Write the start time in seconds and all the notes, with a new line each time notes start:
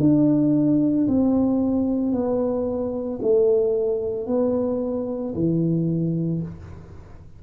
0.00 D4
1.08 C4
2.12 B3
3.22 A3
4.27 B3
5.35 E3